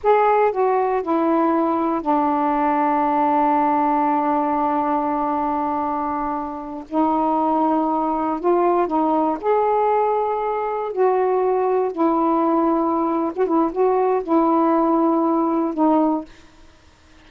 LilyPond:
\new Staff \with { instrumentName = "saxophone" } { \time 4/4 \tempo 4 = 118 gis'4 fis'4 e'2 | d'1~ | d'1~ | d'4. dis'2~ dis'8~ |
dis'8 f'4 dis'4 gis'4.~ | gis'4. fis'2 e'8~ | e'2~ e'16 fis'16 e'8 fis'4 | e'2. dis'4 | }